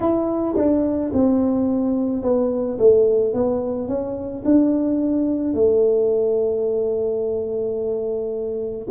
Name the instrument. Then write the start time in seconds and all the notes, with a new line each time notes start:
tuba
0.00 E4
0.56 D4
1.13 C4
2.22 B3
2.78 A3
3.33 B3
3.87 C#4
4.44 D4
5.54 A3